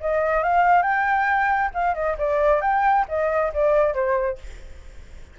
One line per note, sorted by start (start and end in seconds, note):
0.00 0.43 D#5
0.43 0.82 F5
0.82 1.70 G5
1.74 1.94 F5
1.94 2.16 D#5
2.18 2.61 D5
2.61 3.05 G5
3.08 3.52 D#5
3.53 3.94 D5
3.94 4.38 C5